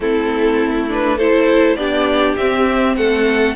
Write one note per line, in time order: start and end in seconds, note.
0.00 1.75 A3
0.00 0.88 C4
0.00 1.17 E4
0.00 0.89 A4
0.88 1.18 D4
0.88 1.18 B4
1.17 1.78 E4
1.17 1.76 A4
1.17 1.76 C5
1.75 2.35 B3
1.75 2.37 D4
1.75 2.97 G4
1.75 2.35 D5
2.36 2.96 C4
2.36 3.55 C4
2.36 2.95 E5
2.96 3.55 A3
2.96 3.55 A4
2.96 3.55 F#5